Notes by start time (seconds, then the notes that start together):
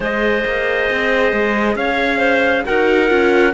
0.00 G#3 G#4 C5 D#5
0.45 A#3
0.90 C4
1.32 G#3
1.75 C#4 C#5 F5
2.18 C5
2.65 D#4 F#4 A#4 F#5
3.08 C#4 F4